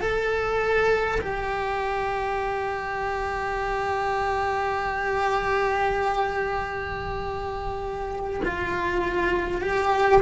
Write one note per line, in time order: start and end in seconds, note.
0.00 1.20 A4
1.21 8.41 G4
8.44 9.61 F4
9.61 10.21 G4